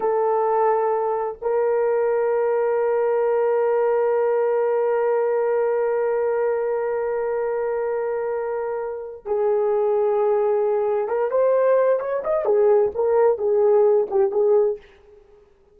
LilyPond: \new Staff \with { instrumentName = "horn" } { \time 4/4 \tempo 4 = 130 a'2. ais'4~ | ais'1~ | ais'1~ | ais'1~ |
ais'1 | gis'1 | ais'8 c''4. cis''8 dis''8 gis'4 | ais'4 gis'4. g'8 gis'4 | }